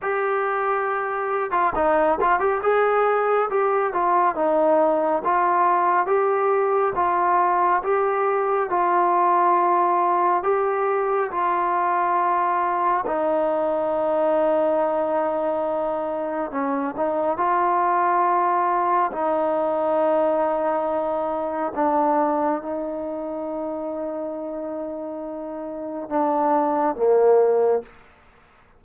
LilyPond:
\new Staff \with { instrumentName = "trombone" } { \time 4/4 \tempo 4 = 69 g'4.~ g'16 f'16 dis'8 f'16 g'16 gis'4 | g'8 f'8 dis'4 f'4 g'4 | f'4 g'4 f'2 | g'4 f'2 dis'4~ |
dis'2. cis'8 dis'8 | f'2 dis'2~ | dis'4 d'4 dis'2~ | dis'2 d'4 ais4 | }